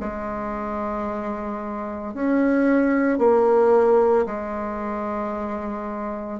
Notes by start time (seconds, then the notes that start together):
0.00 G#3
2.14 C#4
3.19 A#3
4.26 G#3